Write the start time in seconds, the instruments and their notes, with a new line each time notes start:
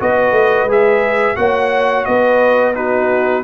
0.00 tuba B3, trombone F#4, horn B4, trumpet D#5
0.32 tuba A3
0.65 tuba G#3, trombone G#4
0.72 trumpet E5
1.36 tuba A#3, trombone F#4, horn C#5, trumpet F#5
2.05 tuba B3, horn B4, trumpet D#5
2.75 trombone D#4, horn F#4, trumpet B4